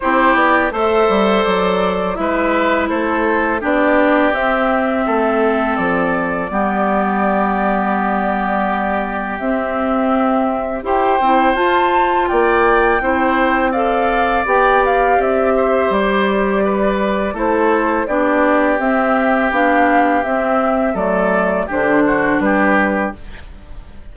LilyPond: <<
  \new Staff \with { instrumentName = "flute" } { \time 4/4 \tempo 4 = 83 c''8 d''8 e''4 d''4 e''4 | c''4 d''4 e''2 | d''1~ | d''4 e''2 g''4 |
a''4 g''2 f''4 | g''8 f''8 e''4 d''2 | c''4 d''4 e''4 f''4 | e''4 d''4 c''4 b'4 | }
  \new Staff \with { instrumentName = "oboe" } { \time 4/4 g'4 c''2 b'4 | a'4 g'2 a'4~ | a'4 g'2.~ | g'2. c''4~ |
c''4 d''4 c''4 d''4~ | d''4. c''4. b'4 | a'4 g'2.~ | g'4 a'4 g'8 fis'8 g'4 | }
  \new Staff \with { instrumentName = "clarinet" } { \time 4/4 e'4 a'2 e'4~ | e'4 d'4 c'2~ | c'4 b2.~ | b4 c'2 g'8 e'8 |
f'2 e'4 a'4 | g'1 | e'4 d'4 c'4 d'4 | c'4 a4 d'2 | }
  \new Staff \with { instrumentName = "bassoon" } { \time 4/4 c'8 b8 a8 g8 fis4 gis4 | a4 b4 c'4 a4 | f4 g2.~ | g4 c'2 e'8 c'8 |
f'4 ais4 c'2 | b4 c'4 g2 | a4 b4 c'4 b4 | c'4 fis4 d4 g4 | }
>>